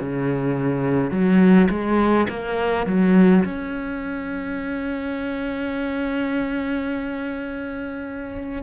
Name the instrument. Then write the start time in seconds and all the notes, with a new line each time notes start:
cello
0.00 C#3
1.10 F#3
1.69 G#3
2.29 A#3
2.86 F#3
3.45 C#4